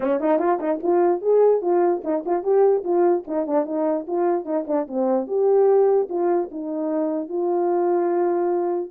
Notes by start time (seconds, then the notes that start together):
0.00 C#4
0.20 D#4
0.39 F4
0.59 D#4
0.82 F4
1.21 G#4
1.61 F4
2.04 D#4
2.25 F4
2.43 G4
2.84 F4
3.27 D#4
3.47 D4
3.65 D#4
4.07 F4
4.45 D#4
4.67 D4
4.87 C4
5.27 G4
6.09 F4
6.51 D#4
7.29 F4